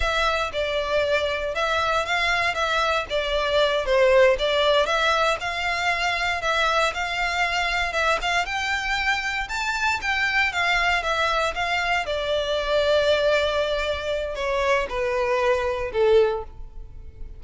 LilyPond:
\new Staff \with { instrumentName = "violin" } { \time 4/4 \tempo 4 = 117 e''4 d''2 e''4 | f''4 e''4 d''4. c''8~ | c''8 d''4 e''4 f''4.~ | f''8 e''4 f''2 e''8 |
f''8 g''2 a''4 g''8~ | g''8 f''4 e''4 f''4 d''8~ | d''1 | cis''4 b'2 a'4 | }